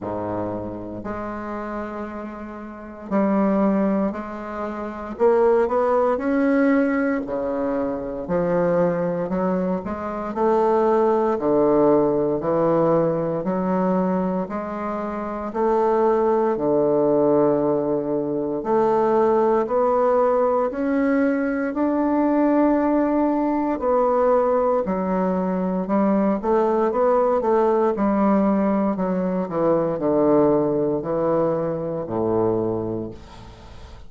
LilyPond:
\new Staff \with { instrumentName = "bassoon" } { \time 4/4 \tempo 4 = 58 gis,4 gis2 g4 | gis4 ais8 b8 cis'4 cis4 | f4 fis8 gis8 a4 d4 | e4 fis4 gis4 a4 |
d2 a4 b4 | cis'4 d'2 b4 | fis4 g8 a8 b8 a8 g4 | fis8 e8 d4 e4 a,4 | }